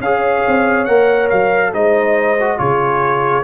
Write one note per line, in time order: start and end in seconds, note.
0.00 0.43 C#4
0.00 0.88 G#4
0.00 1.73 C#5
0.00 0.85 F5
0.47 0.88 C4
0.85 1.31 A#3
0.85 1.73 A#4
0.85 1.28 F#5
1.30 1.74 F#3
1.30 1.73 F5
1.73 2.59 G#3
1.73 2.37 D#4
1.73 2.59 C5
1.73 2.59 D#5
2.40 2.57 F#4
2.57 3.44 C#3
2.57 3.43 F4
2.57 3.44 G#4
2.57 3.44 C#5